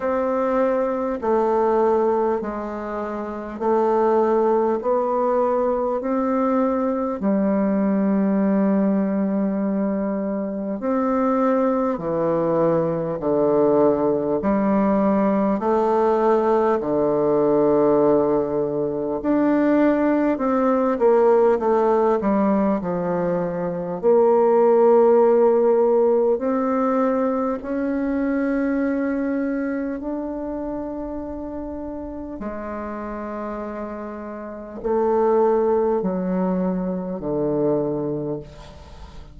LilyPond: \new Staff \with { instrumentName = "bassoon" } { \time 4/4 \tempo 4 = 50 c'4 a4 gis4 a4 | b4 c'4 g2~ | g4 c'4 e4 d4 | g4 a4 d2 |
d'4 c'8 ais8 a8 g8 f4 | ais2 c'4 cis'4~ | cis'4 d'2 gis4~ | gis4 a4 fis4 d4 | }